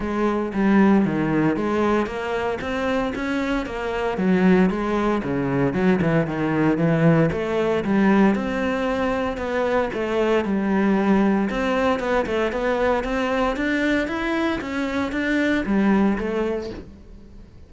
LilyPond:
\new Staff \with { instrumentName = "cello" } { \time 4/4 \tempo 4 = 115 gis4 g4 dis4 gis4 | ais4 c'4 cis'4 ais4 | fis4 gis4 cis4 fis8 e8 | dis4 e4 a4 g4 |
c'2 b4 a4 | g2 c'4 b8 a8 | b4 c'4 d'4 e'4 | cis'4 d'4 g4 a4 | }